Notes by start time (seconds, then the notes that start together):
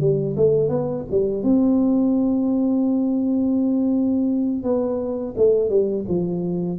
0.00 G3
0.36 A3
0.69 B3
1.11 G3
1.43 C4
4.63 B3
5.37 A3
5.69 G3
6.08 F3